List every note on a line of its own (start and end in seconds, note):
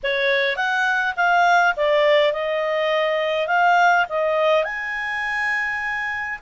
0.03 0.56 C#5
0.56 1.14 F#5
1.16 1.74 F5
1.76 2.32 D5
2.32 3.47 D#5
3.47 4.05 F5
4.09 4.64 D#5
4.64 6.38 G#5